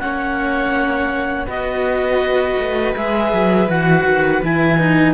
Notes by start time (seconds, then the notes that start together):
0.00 A#3 C#4 C#5 F#5
1.47 B3 F#4 B4 D#5
2.59 A3
2.95 G#3 G#4 E5
3.33 F#3
3.68 E3 F#4 F#5
4.05 D#3
4.43 E3 E4 G#5
4.79 D#4